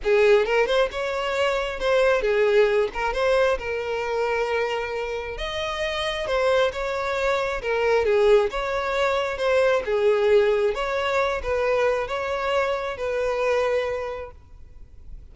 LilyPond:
\new Staff \with { instrumentName = "violin" } { \time 4/4 \tempo 4 = 134 gis'4 ais'8 c''8 cis''2 | c''4 gis'4. ais'8 c''4 | ais'1 | dis''2 c''4 cis''4~ |
cis''4 ais'4 gis'4 cis''4~ | cis''4 c''4 gis'2 | cis''4. b'4. cis''4~ | cis''4 b'2. | }